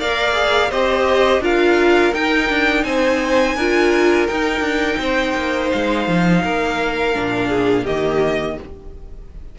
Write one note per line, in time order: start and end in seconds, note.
0.00 0.72 A#3
0.00 0.33 A#4
0.00 0.70 D5
0.00 0.72 F5
0.33 0.69 G#4
0.70 1.40 C4
0.70 1.42 G4
0.70 1.42 C5
0.70 1.43 D#5
1.40 2.12 D4
1.40 2.13 F4
1.40 2.85 A#4
1.40 2.14 F5
2.14 3.57 D#4
2.14 2.50 D#4
2.14 2.84 G5
2.50 2.85 D4
2.84 3.56 C4
2.84 3.56 C5
2.84 4.27 G#5
3.56 4.28 D4
3.56 4.28 F4
3.56 4.99 A#4
4.28 7.14 D#4
4.28 4.60 D#4
4.28 5.71 G5
4.60 4.96 D4
4.98 5.34 C4
4.98 6.43 C5
5.35 5.71 A#3
5.72 6.08 G#3
5.72 7.86 F5
6.08 6.44 F3
6.44 7.16 A#3
6.44 7.49 A#4
7.15 7.87 A#2
7.15 7.86 D4
7.49 7.84 G#4
7.84 8.58 D#3
7.84 8.59 A#3
7.84 8.56 G4
7.84 8.58 D#5